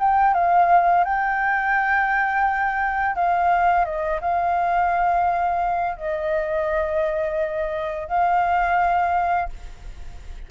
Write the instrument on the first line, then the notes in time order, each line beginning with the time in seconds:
flute
0.00 G5
0.34 F5
1.05 G5
3.16 F5
3.85 D#5
4.22 F5
5.97 D#5
8.08 F5